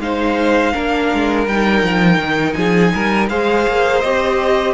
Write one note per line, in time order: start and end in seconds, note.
0.00 0.73 G#3
0.00 0.73 D#4
0.00 0.74 C5
0.00 1.48 F5
0.73 1.13 A#3
0.73 1.47 D4
0.73 2.57 A#4
1.14 1.47 G#3
1.47 1.84 G3
1.47 3.30 D#4
1.47 2.54 G5
1.84 2.18 F3
2.18 2.55 D#3
2.54 2.94 F3
2.54 2.94 G#4
2.54 3.27 G#5
2.95 3.30 G3
2.95 3.30 A#4
3.29 3.67 G#3
3.29 4.04 G#4
3.29 4.75 C5
3.29 4.01 F5
3.68 4.04 A#3
4.01 4.75 C4
4.01 4.75 G4
4.01 4.74 D#5